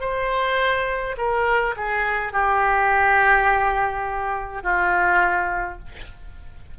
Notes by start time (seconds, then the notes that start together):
0.00 C5
1.17 A#4
1.77 G#4
2.32 G4
4.63 F4